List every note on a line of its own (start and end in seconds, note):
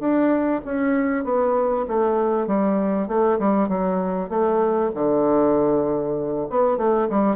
0.00 0.61 D4
0.65 1.24 C#4
1.24 1.86 B3
1.88 2.47 A3
2.47 3.08 G3
3.08 3.39 A3
3.39 3.68 G3
3.68 4.29 F#3
4.29 4.91 A3
4.95 6.48 D3
6.50 6.77 B3
6.77 7.08 A3
7.10 7.36 G3